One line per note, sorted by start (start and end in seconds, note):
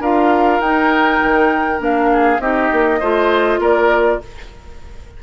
0.00 0.60 D4
0.00 0.63 F4
0.00 2.11 A#4
0.00 0.61 F5
0.60 1.20 D#4
0.60 1.79 D#4
0.60 1.81 G5
1.23 1.80 D#3
1.79 2.39 A#3
1.79 2.39 D4
1.79 2.41 F5
2.13 2.42 G#4
2.39 2.69 C4
2.39 3.01 D#4
2.39 3.00 G4
2.39 3.61 D#5
2.72 3.01 A#3
3.00 3.59 A3
3.00 4.22 F4
3.00 3.60 C5
3.59 4.19 A#3
3.59 4.21 A#4
3.59 4.23 D5